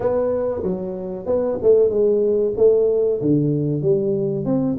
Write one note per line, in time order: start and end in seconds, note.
0.00 0.62 B3
0.62 1.26 F#3
1.26 1.58 B3
1.62 1.89 A3
1.89 2.53 G#3
2.56 3.20 A3
3.21 3.82 D3
3.82 4.45 G3
4.45 4.77 C4